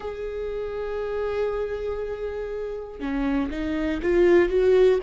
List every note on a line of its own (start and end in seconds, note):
0.00 3.00 G#4
3.00 3.50 C#4
3.50 4.00 D#4
4.02 4.49 F4
4.49 4.99 F#4